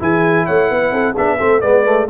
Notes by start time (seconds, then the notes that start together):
0.00 E3 E4 G#4 G#5
0.46 A3 C#5 F#5
0.71 B3 B4
0.92 C4 A4
1.13 B3 D4 G#4 E5
1.38 A3 C4 A4
1.61 G#3 B3 B4 D5
1.85 A3